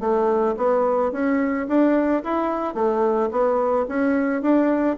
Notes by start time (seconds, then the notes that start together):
0.00 A3
0.57 B3
1.12 C#4
1.68 D4
2.23 E4
2.74 A3
3.31 B3
3.88 C#4
4.42 D4